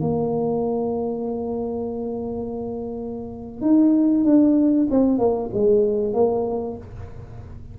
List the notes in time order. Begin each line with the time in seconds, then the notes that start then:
0.00 A#3
3.61 D#4
4.24 D4
4.90 C4
5.18 A#3
5.53 G#3
6.13 A#3